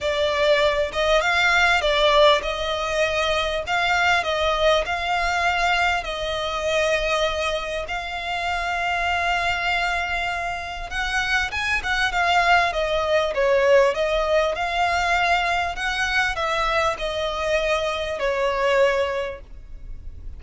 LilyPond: \new Staff \with { instrumentName = "violin" } { \time 4/4 \tempo 4 = 99 d''4. dis''8 f''4 d''4 | dis''2 f''4 dis''4 | f''2 dis''2~ | dis''4 f''2.~ |
f''2 fis''4 gis''8 fis''8 | f''4 dis''4 cis''4 dis''4 | f''2 fis''4 e''4 | dis''2 cis''2 | }